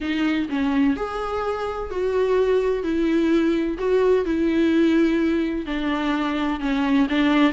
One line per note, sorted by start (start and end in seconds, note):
0.01 0.48 D#4
0.49 0.96 C#4
0.96 1.90 G#4
1.90 2.83 F#4
2.83 3.77 E4
3.78 4.25 F#4
4.25 5.66 E4
5.66 6.59 D4
6.59 7.07 C#4
7.09 7.52 D4